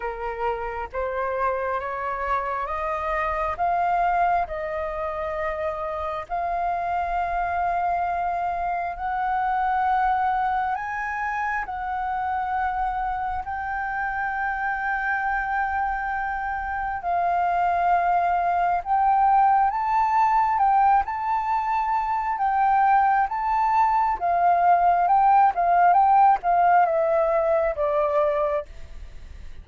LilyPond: \new Staff \with { instrumentName = "flute" } { \time 4/4 \tempo 4 = 67 ais'4 c''4 cis''4 dis''4 | f''4 dis''2 f''4~ | f''2 fis''2 | gis''4 fis''2 g''4~ |
g''2. f''4~ | f''4 g''4 a''4 g''8 a''8~ | a''4 g''4 a''4 f''4 | g''8 f''8 g''8 f''8 e''4 d''4 | }